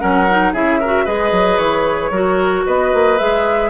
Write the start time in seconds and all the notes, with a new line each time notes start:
0.00 F#3 C#4 A#4 F#5
0.30 D#4
0.53 C#3 E4 G#4 E5
0.80 F#4 A#4
1.05 G#3 G#4 B4 D#5
1.32 F#3
1.58 E3 C#5
2.11 F#3 F#4 A#4
2.66 B3 B4 D#5
2.94 A#3
3.19 G#3 G#4 E5